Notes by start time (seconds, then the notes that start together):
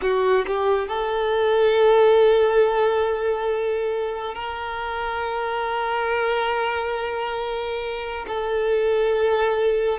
0.01 F#4
0.47 G4
0.87 A4
4.34 A#4
8.27 A4